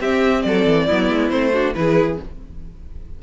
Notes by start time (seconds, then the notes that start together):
0.00 C4 G4 E5
0.42 F#3 A4 D5
0.66 E3
0.87 F#3 B3 E4
1.09 G#3
1.30 A3 C4 C5
1.53 D4 F#4
1.75 E3 E4 G#4 B4